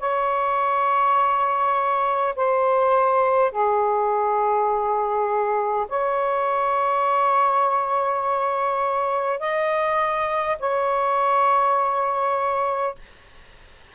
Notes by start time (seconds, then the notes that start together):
0.00 C#5
2.36 C5
3.52 G#4
5.89 C#5
9.40 D#5
10.60 C#5